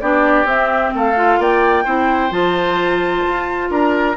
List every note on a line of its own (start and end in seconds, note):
0.00 0.44 B3
0.00 0.46 D4
0.00 0.93 G4
0.00 0.46 D5
0.44 0.91 C4
0.44 1.15 C4
0.44 0.93 E5
0.94 1.38 A3
0.94 1.39 A4
0.94 1.42 F5
1.15 1.84 F4
1.38 1.84 A#3
1.38 1.84 D5
1.38 2.32 G5
1.84 2.30 C4
1.84 2.30 E4
1.84 3.68 C5
2.30 3.23 F3
2.30 4.15 F4
2.30 3.70 A5
3.26 3.70 F4
3.70 4.16 D4
3.70 4.16 A#4
3.70 4.17 A#5